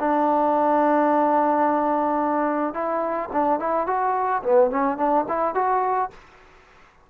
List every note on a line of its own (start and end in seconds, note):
0.00 2.74 D4
2.74 3.30 E4
3.33 3.60 D4
3.60 3.87 E4
3.87 4.43 F#4
4.43 4.71 B3
4.71 4.98 C#4
4.98 5.26 D4
5.29 5.55 E4
5.55 6.11 F#4